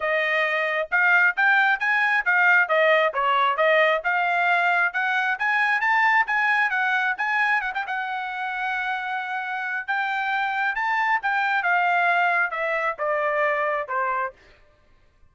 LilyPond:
\new Staff \with { instrumentName = "trumpet" } { \time 4/4 \tempo 4 = 134 dis''2 f''4 g''4 | gis''4 f''4 dis''4 cis''4 | dis''4 f''2 fis''4 | gis''4 a''4 gis''4 fis''4 |
gis''4 fis''16 g''16 fis''2~ fis''8~ | fis''2 g''2 | a''4 g''4 f''2 | e''4 d''2 c''4 | }